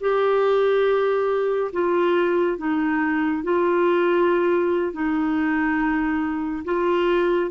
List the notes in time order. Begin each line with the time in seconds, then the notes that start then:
0.00 G4
1.73 F4
2.58 D#4
3.43 F4
4.92 D#4
6.65 F4